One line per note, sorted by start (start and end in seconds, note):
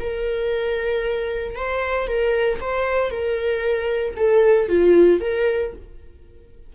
0.00 1.56 A#4
1.56 2.08 C5
2.08 2.60 A#4
2.61 3.11 C5
3.11 4.15 A#4
4.16 4.69 A4
4.69 5.21 F4
5.21 5.73 A#4